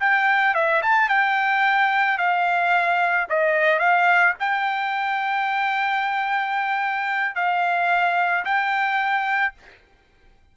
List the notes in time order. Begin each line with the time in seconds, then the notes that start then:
0.00 G5
0.54 E5
0.83 A5
1.09 G5
2.18 F5
3.29 D#5
3.79 F5
4.39 G5
7.35 F5
8.45 G5